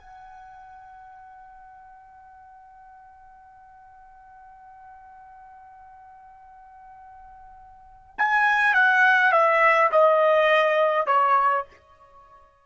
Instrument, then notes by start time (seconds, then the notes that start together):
trumpet
0.00 F#5
8.18 G#5
8.74 F#5
9.33 E5
9.92 D#5
11.07 C#5